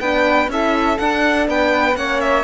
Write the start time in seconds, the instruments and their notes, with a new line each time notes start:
0.00 cello B3, horn D4, flute B4, violin G5
0.48 cello C#4, horn E4, flute A4, violin E5
0.98 horn D4, cello D4, violin F#5
1.48 cello B3, flute B4, violin G5
1.95 cello A#3, horn C#4, flute C#5, violin F#5
2.20 violin E5